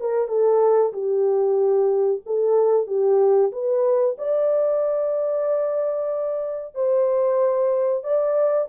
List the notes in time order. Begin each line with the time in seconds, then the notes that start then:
0.00 A#4
0.28 A4
0.93 G4
2.26 A4
2.87 G4
3.52 B4
4.18 D5
6.75 C5
8.04 D5